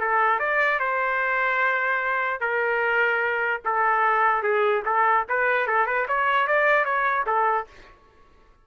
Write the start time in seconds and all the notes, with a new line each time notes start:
0.00 A4
0.39 D5
0.79 C5
2.40 A#4
3.65 A4
4.43 G#4
4.85 A4
5.29 B4
5.67 A4
5.86 B4
6.08 C#5
6.47 D5
6.85 C#5
7.26 A4